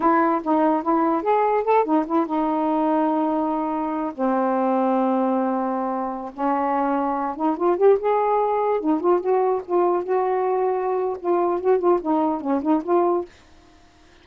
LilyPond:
\new Staff \with { instrumentName = "saxophone" } { \time 4/4 \tempo 4 = 145 e'4 dis'4 e'4 gis'4 | a'8 dis'8 e'8 dis'2~ dis'8~ | dis'2 c'2~ | c'2.~ c'16 cis'8.~ |
cis'4.~ cis'16 dis'8 f'8 g'8 gis'8.~ | gis'4~ gis'16 dis'8 f'8 fis'4 f'8.~ | f'16 fis'2~ fis'8. f'4 | fis'8 f'8 dis'4 cis'8 dis'8 f'4 | }